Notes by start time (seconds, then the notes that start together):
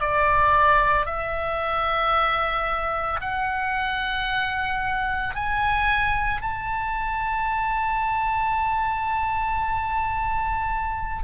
0.00 D5
1.06 E5
3.21 F#5
5.35 G#5
6.42 A5